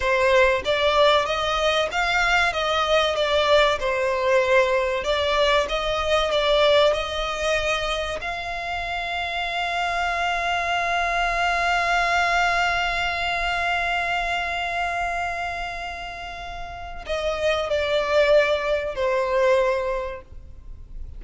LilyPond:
\new Staff \with { instrumentName = "violin" } { \time 4/4 \tempo 4 = 95 c''4 d''4 dis''4 f''4 | dis''4 d''4 c''2 | d''4 dis''4 d''4 dis''4~ | dis''4 f''2.~ |
f''1~ | f''1~ | f''2. dis''4 | d''2 c''2 | }